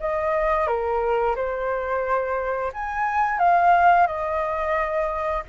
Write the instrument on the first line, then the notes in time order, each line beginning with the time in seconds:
flute
0.00 D#5
0.67 A#4
1.35 C5
2.73 G#5
3.39 F5
4.07 D#5